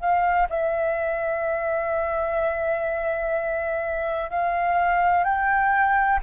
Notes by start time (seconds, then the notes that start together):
0.00 F5
0.50 E5
4.31 F5
5.24 G5